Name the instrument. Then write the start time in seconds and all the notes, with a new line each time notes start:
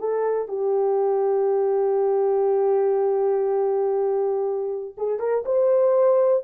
horn
0.00 A4
0.48 G4
4.98 G#4
5.20 A#4
5.46 C5